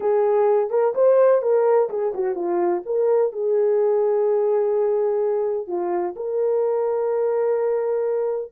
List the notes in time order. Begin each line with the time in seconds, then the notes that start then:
0.00 G#4
0.70 A#4
0.94 C5
1.42 A#4
1.89 G#4
2.14 F#4
2.35 F4
2.85 A#4
3.32 G#4
5.67 F4
6.15 A#4